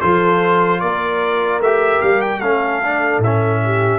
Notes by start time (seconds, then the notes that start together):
0.00 F3 F4 A4 C5
0.80 A#3 A#4 D5
1.60 A3 G4 E5
2.02 G3 F5
2.21 G5
2.39 A3 C#4 A4 F5
2.83 D4
3.18 A2 E5
3.24 C#4
3.64 G4